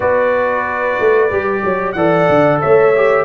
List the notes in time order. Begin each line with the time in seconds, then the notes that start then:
0.00 B3 F#4 B4 D5
0.99 A3
1.30 G3 G4
1.63 F#3 C#5
1.92 E3 A4 D5 F#5
2.28 D3
2.61 A3 C#5 E5
2.95 G4